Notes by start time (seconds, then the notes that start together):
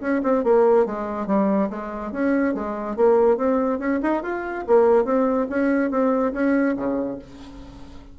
0.00 C#4
0.23 C4
0.43 A#3
0.85 G#3
1.27 G3
1.70 G#3
2.12 C#4
2.54 G#3
2.96 A#3
3.37 C4
3.79 C#4
4.03 D#4
4.23 F4
4.67 A#3
5.05 C4
5.49 C#4
5.90 C4
6.33 C#4
6.76 C#3